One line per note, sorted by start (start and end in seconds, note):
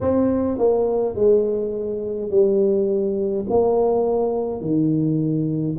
0.01 0.58 C4
0.58 1.15 A#3
1.15 2.30 G#3
2.30 3.45 G3
3.49 4.60 A#3
4.60 5.76 D#3